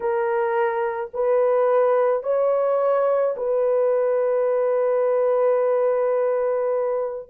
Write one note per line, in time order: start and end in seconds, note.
0.00 1.10 A#4
1.13 2.23 B4
2.23 3.35 C#5
3.36 7.29 B4